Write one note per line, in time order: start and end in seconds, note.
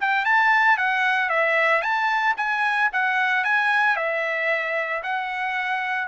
0.00 0.25 G5
0.25 0.77 A5
0.77 1.29 F#5
1.29 1.81 E5
1.81 2.34 A5
2.37 2.90 G#5
2.92 3.44 F#5
3.44 3.96 G#5
3.96 5.02 E5
5.03 6.07 F#5